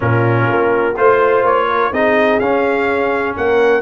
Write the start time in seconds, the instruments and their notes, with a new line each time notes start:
0.00 tuba A#2, trombone C#4, horn F4, trumpet A#4
0.49 tuba A#3
0.96 tuba A3, trombone F4, trumpet C5, horn C5
1.43 tuba A#3, trumpet C#5
1.66 horn A#4
1.91 tuba C4, trombone D#4, horn G#4, trumpet D#5
2.39 tuba C#4, trombone C#4, trumpet F5
3.36 tuba A#3, horn A#4, trumpet F#5